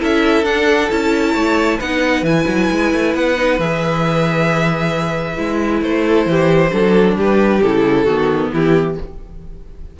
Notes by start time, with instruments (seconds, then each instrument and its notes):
0.00 cello C#4, viola E4, violin A4 E5
0.43 cello D4, viola D4, violin F#5
0.91 cello C#4, viola E4, violin A5
1.34 cello A3, violin C#5
1.79 cello B3, viola D#4, violin B4 F#5
2.23 cello E3, viola E4, violin G#5
2.48 cello F#3
2.71 cello G#3
2.94 cello A3
3.15 cello B3, violin F#5
3.37 viola D#4
3.59 cello E3, viola G#4, violin E5
5.37 cello G#3, viola E4
5.82 cello A3, violin C5
6.05 violin A4
6.26 cello E3, violin G4
6.72 cello F#3, viola D4, violin A4
7.17 cello G3, violin G4 B4
7.62 cello C#3, viola E4, violin A4
8.04 cello D#3, viola B3, violin F#4
8.53 cello E3, violin E4 G4